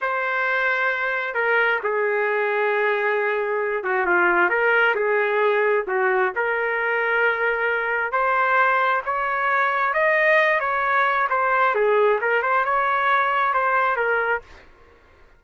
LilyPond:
\new Staff \with { instrumentName = "trumpet" } { \time 4/4 \tempo 4 = 133 c''2. ais'4 | gis'1~ | gis'8 fis'8 f'4 ais'4 gis'4~ | gis'4 fis'4 ais'2~ |
ais'2 c''2 | cis''2 dis''4. cis''8~ | cis''4 c''4 gis'4 ais'8 c''8 | cis''2 c''4 ais'4 | }